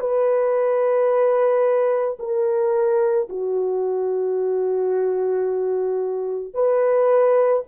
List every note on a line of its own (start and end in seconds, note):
0.00 2.18 B4
2.19 3.28 A#4
3.29 6.54 F#4
6.54 7.63 B4